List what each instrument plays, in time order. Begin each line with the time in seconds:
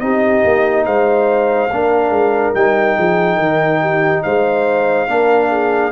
0.00 tuba C4, trombone D#4, horn G4, trumpet D#5
0.44 tuba A#3
0.86 tuba G#3, horn C5, trumpet F5
1.70 tuba A#3, trombone D4, horn A#4
2.10 tuba G#3
2.54 tuba G3, trombone D#4, trumpet G5
2.96 tuba F3, horn G#4
3.36 tuba D#3, horn A#4
3.81 horn G4
4.23 tuba G#3, horn C5, trumpet F5
5.07 tuba A#3, trombone D4, horn A#4
5.49 horn G#4